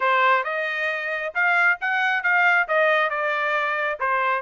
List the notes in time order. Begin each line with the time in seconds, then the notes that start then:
0.00 C5
0.44 D#5
1.34 F5
1.80 F#5
2.23 F5
2.68 D#5
3.09 D5
3.99 C5